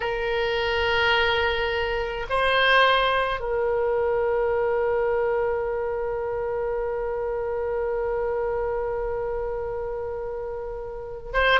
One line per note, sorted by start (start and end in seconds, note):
0.00 2.26 A#4
2.29 3.40 C5
3.40 11.32 A#4
11.33 11.60 C5